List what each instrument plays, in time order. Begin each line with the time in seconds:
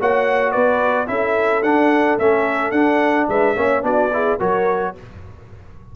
0.00 tuba A#3, trombone F#4, horn C#5, trumpet F#5
0.52 tuba B3, horn B4, trumpet D5
1.07 tuba C#4, trombone E4, horn A4, trumpet E5
1.63 tuba D4, trombone D4, trumpet F#5
2.19 tuba A3, trombone C#4, trumpet E5
2.72 tuba D4, trombone D4, trumpet F#5
3.29 tuba G#3, horn B4, trumpet E5
3.56 tuba A#3, trombone C#4, horn C#5
3.82 tuba B3, trombone D4, horn F#4, trumpet D5
4.13 trombone E4, horn G#4
4.39 tuba F#3, trombone F#4, horn A#4, trumpet C#5